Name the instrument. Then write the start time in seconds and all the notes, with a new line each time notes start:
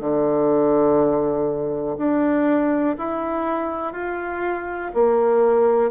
bassoon
0.00 D3
1.98 D4
2.98 E4
3.93 F4
4.94 A#3